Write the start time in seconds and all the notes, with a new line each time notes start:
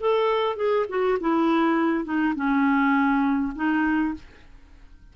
0.00 A4
0.56 G#4
0.89 F#4
1.20 E4
2.04 D#4
2.35 C#4
3.55 D#4